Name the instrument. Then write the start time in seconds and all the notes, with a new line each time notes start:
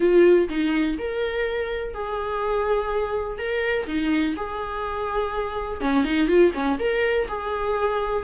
viola
0.00 F4
0.49 D#4
0.98 A#4
1.94 G#4
3.38 A#4
3.86 D#4
4.36 G#4
5.81 C#4
6.04 D#4
6.27 F4
6.54 C#4
6.79 A#4
7.28 G#4